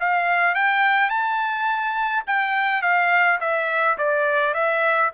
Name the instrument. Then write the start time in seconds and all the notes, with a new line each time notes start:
trumpet
0.00 F5
0.55 G5
1.09 A5
2.26 G5
2.82 F5
3.40 E5
3.98 D5
4.54 E5